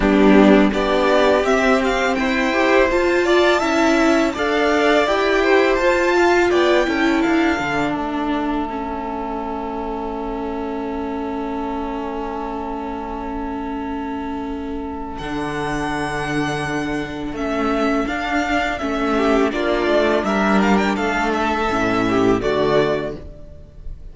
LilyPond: <<
  \new Staff \with { instrumentName = "violin" } { \time 4/4 \tempo 4 = 83 g'4 d''4 e''8 f''8 g''4 | a''2 f''4 g''4 | a''4 g''4 f''4 e''4~ | e''1~ |
e''1~ | e''4 fis''2. | e''4 f''4 e''4 d''4 | e''8 f''16 g''16 f''8 e''4. d''4 | }
  \new Staff \with { instrumentName = "violin" } { \time 4/4 d'4 g'2 c''4~ | c''8 d''8 e''4 d''4. c''8~ | c''8 f''8 d''8 a'2~ a'8~ | a'1~ |
a'1~ | a'1~ | a'2~ a'8 g'8 f'4 | ais'4 a'4. g'8 fis'4 | }
  \new Staff \with { instrumentName = "viola" } { \time 4/4 b4 d'4 c'4. g'8 | f'4 e'4 a'4 g'4 | f'4. e'4 d'4. | cis'1~ |
cis'1~ | cis'4 d'2. | cis'4 d'4 cis'4 d'4~ | d'2 cis'4 a4 | }
  \new Staff \with { instrumentName = "cello" } { \time 4/4 g4 b4 c'4 e'4 | f'4 cis'4 d'4 e'4 | f'4 b8 cis'8 d'8 d8 a4~ | a1~ |
a1~ | a4 d2. | a4 d'4 a4 ais8 a8 | g4 a4 a,4 d4 | }
>>